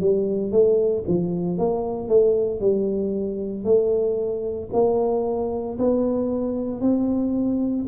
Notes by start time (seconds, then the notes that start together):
0.00 G3
0.51 A3
1.08 F3
1.58 A#3
2.08 A3
2.60 G3
3.64 A3
4.73 A#3
5.78 B3
6.80 C4